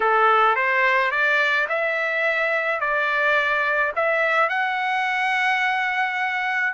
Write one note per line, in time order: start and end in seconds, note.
0.00 0.55 A4
0.55 1.11 C5
1.11 1.67 D5
1.68 2.80 E5
2.80 3.92 D5
3.95 4.49 E5
4.49 6.73 F#5